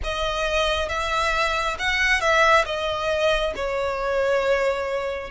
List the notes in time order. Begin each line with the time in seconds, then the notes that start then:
0.03 D#5
0.88 E5
1.78 F#5
2.20 E5
2.65 D#5
3.55 C#5